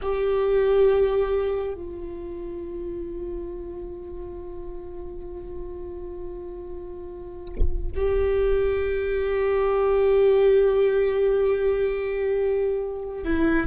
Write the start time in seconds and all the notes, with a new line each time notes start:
0.02 G4
1.74 F4
7.95 G4
13.24 E4